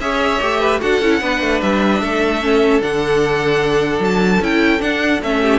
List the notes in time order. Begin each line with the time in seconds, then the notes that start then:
0.00 C#4 G#4 C#5 E5
0.41 A3 G4
0.60 B4
0.81 D4 F#4 A4 F#5
1.01 C#4 E4
1.21 B3 D4 B4
1.41 A3
1.62 G3 E5
2.01 A3 A4
2.41 C#4
2.81 D3 D4 F#5
4.00 F#3 A5
4.41 C#4 E4 G5
4.80 D4 F#5
5.22 A3 C#4 E5
5.42 G4